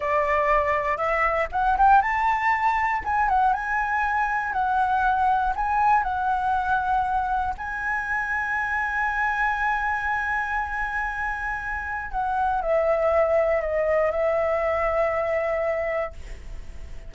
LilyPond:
\new Staff \with { instrumentName = "flute" } { \time 4/4 \tempo 4 = 119 d''2 e''4 fis''8 g''8 | a''2 gis''8 fis''8 gis''4~ | gis''4 fis''2 gis''4 | fis''2. gis''4~ |
gis''1~ | gis''1 | fis''4 e''2 dis''4 | e''1 | }